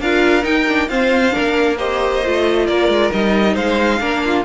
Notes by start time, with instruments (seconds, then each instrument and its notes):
0.00 cello D4, viola F4, violin A#4 F5
0.42 viola D#4, cello D#4, violin G5
0.68 viola D4
0.88 viola C4, cello F4, violin C5 F5
1.31 viola D4, violin A#4
1.38 cello A#3
1.77 viola G4, violin C5 D#5
2.24 cello A3, viola F4
2.67 cello A#3, violin A#4 D5
2.88 cello G#3
3.12 cello G3, viola D#4, violin D#5
3.54 cello G#3, violin C5 F5
4.00 cello A#3, viola D4, violin A#4
4.24 violin F4